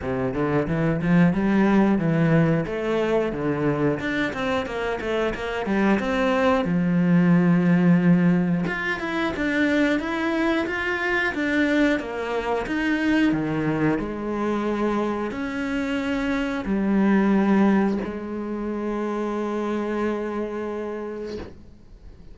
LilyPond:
\new Staff \with { instrumentName = "cello" } { \time 4/4 \tempo 4 = 90 c8 d8 e8 f8 g4 e4 | a4 d4 d'8 c'8 ais8 a8 | ais8 g8 c'4 f2~ | f4 f'8 e'8 d'4 e'4 |
f'4 d'4 ais4 dis'4 | dis4 gis2 cis'4~ | cis'4 g2 gis4~ | gis1 | }